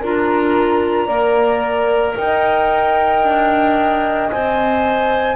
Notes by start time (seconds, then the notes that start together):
0.00 D4 F4 A#4 A#5
1.07 A#3 A#4 D5
2.17 D#4 D#5 G5
3.23 D4
4.30 C4 C5 G#5